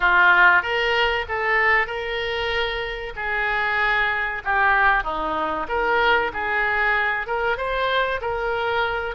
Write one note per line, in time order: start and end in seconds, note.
0.00 0.62 F4
0.62 1.25 A#4
1.28 1.86 A4
1.86 3.13 A#4
3.16 4.42 G#4
4.44 5.03 G4
5.03 5.66 D#4
5.68 6.31 A#4
6.33 7.26 G#4
7.26 7.57 A#4
7.57 8.20 C5
8.21 9.15 A#4